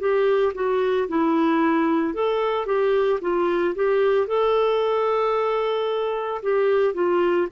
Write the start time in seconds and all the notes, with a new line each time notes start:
0.00 G4
0.55 F#4
1.09 E4
2.14 A4
2.66 G4
3.22 F4
3.75 G4
4.28 A4
6.43 G4
6.94 F4